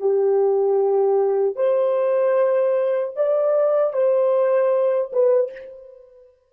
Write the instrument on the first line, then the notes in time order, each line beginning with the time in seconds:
horn
0.00 G4
1.56 C5
3.16 D5
3.93 C5
5.12 B4